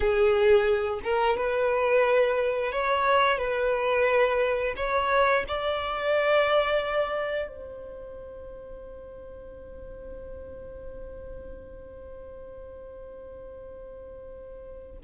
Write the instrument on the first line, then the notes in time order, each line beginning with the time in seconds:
violin
0.00 G#4
1.03 A#4
1.37 B4
2.71 C#5
3.37 B4
4.76 C#5
5.48 D5
7.48 C5